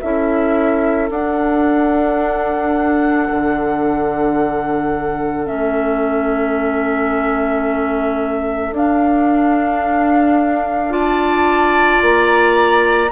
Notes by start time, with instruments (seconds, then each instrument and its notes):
0.00 bassoon C#4, clarinet E4, oboe A4, flute E5
1.10 clarinet D4, bassoon D4, flute F#5
3.31 bassoon D3
5.45 bassoon A3, clarinet C#4, flute E5
8.71 bassoon D4, clarinet D4, flute F5
10.89 clarinet F4, oboe D5, flute A5
12.01 bassoon A#3, flute A#5